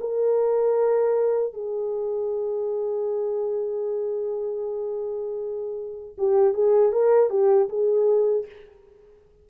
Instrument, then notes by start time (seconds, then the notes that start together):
horn
0.00 A#4
1.53 G#4
6.17 G4
6.53 G#4
6.92 A#4
7.30 G4
7.69 G#4